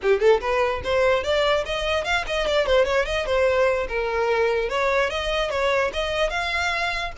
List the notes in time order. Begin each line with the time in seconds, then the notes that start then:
0.02 G4
0.20 A4
0.40 B4
0.84 C5
1.23 D5
1.65 D#5
2.04 F5
2.27 D#5
2.46 D5
2.66 C5
2.85 C#5
3.05 D#5
3.26 C5
3.88 A#4
4.69 C#5
5.10 D#5
5.50 C#5
5.93 D#5
6.30 F5